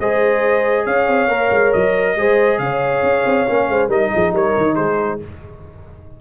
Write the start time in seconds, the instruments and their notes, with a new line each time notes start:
0.00 tuba G#3, trombone G#4, horn C5, trumpet D#5
0.85 tuba C#4, horn C#5, trumpet F5
1.08 tuba C4
1.28 tuba A#3, trombone A#4
1.51 tuba G#3
1.73 tuba F#3, trumpet D#5
2.16 tuba G#3, trombone G#4, horn C5
2.59 tuba C#3, horn C#5, trumpet F5
3.03 tuba C#4
3.26 tuba C4
3.47 tuba A#3, trombone C#4
3.68 tuba G#3, horn C5
3.88 tuba G3, trombone D#4, horn A#4, trumpet D#5
4.14 tuba F3, horn G#4
4.33 tuba G3, horn A#4, trumpet C#5
4.57 tuba D#3
4.75 tuba G#3, horn G#4, trumpet C5